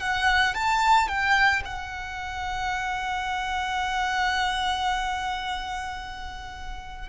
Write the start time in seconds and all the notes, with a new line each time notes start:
0.00 F#5
0.54 A5
1.08 G5
1.65 F#5